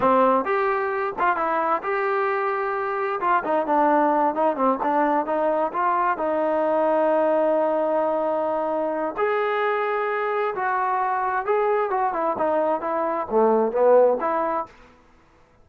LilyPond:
\new Staff \with { instrumentName = "trombone" } { \time 4/4 \tempo 4 = 131 c'4 g'4. f'8 e'4 | g'2. f'8 dis'8 | d'4. dis'8 c'8 d'4 dis'8~ | dis'8 f'4 dis'2~ dis'8~ |
dis'1 | gis'2. fis'4~ | fis'4 gis'4 fis'8 e'8 dis'4 | e'4 a4 b4 e'4 | }